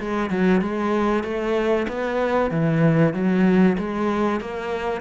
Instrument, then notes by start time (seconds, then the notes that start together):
cello
0.00 G#3
0.30 F#3
0.61 G#3
1.24 A3
1.88 B3
2.51 E3
3.14 F#3
3.78 G#3
4.40 A#3